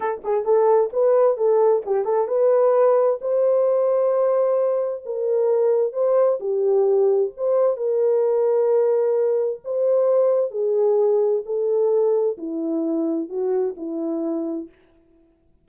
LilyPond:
\new Staff \with { instrumentName = "horn" } { \time 4/4 \tempo 4 = 131 a'8 gis'8 a'4 b'4 a'4 | g'8 a'8 b'2 c''4~ | c''2. ais'4~ | ais'4 c''4 g'2 |
c''4 ais'2.~ | ais'4 c''2 gis'4~ | gis'4 a'2 e'4~ | e'4 fis'4 e'2 | }